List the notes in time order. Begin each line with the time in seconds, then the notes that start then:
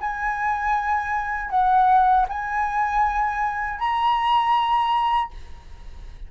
0.00 G#5
1.50 F#5
2.29 G#5
3.79 A#5